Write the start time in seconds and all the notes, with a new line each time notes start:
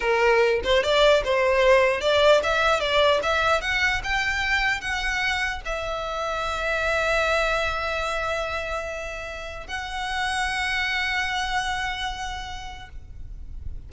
0.00 A#4
0.64 C5
0.83 D5
1.24 C5
2.00 D5
2.43 E5
2.80 D5
3.22 E5
3.61 F#5
4.03 G5
4.80 F#5
5.65 E5
9.67 F#5